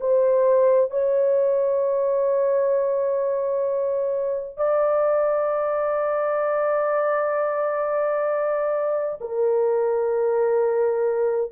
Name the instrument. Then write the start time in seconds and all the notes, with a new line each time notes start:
horn
0.00 C5
0.91 C#5
4.57 D5
9.21 A#4